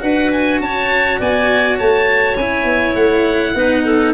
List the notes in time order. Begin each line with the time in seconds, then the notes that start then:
0.00 D4 F#4 B4 F#5
0.32 G#5
0.61 C#4 C#5 A5
1.20 B3 D5 G#5
1.77 A3 C#5 A5
2.37 C#4 E4 G#5
2.64 B3
2.95 A3 F#5
3.55 B3 D#4 B4
3.85 A4